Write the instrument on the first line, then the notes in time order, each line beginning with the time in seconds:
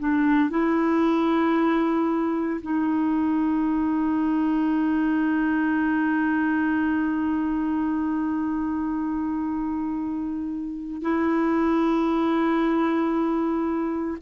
clarinet
0.00 D4
0.50 E4
2.62 D#4
11.02 E4